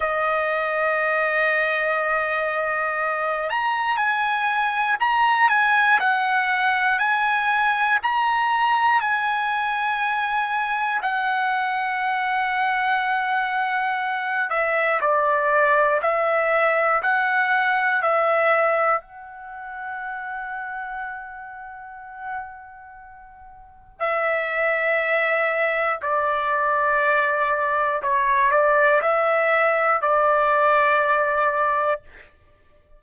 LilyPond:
\new Staff \with { instrumentName = "trumpet" } { \time 4/4 \tempo 4 = 60 dis''2.~ dis''8 ais''8 | gis''4 ais''8 gis''8 fis''4 gis''4 | ais''4 gis''2 fis''4~ | fis''2~ fis''8 e''8 d''4 |
e''4 fis''4 e''4 fis''4~ | fis''1 | e''2 d''2 | cis''8 d''8 e''4 d''2 | }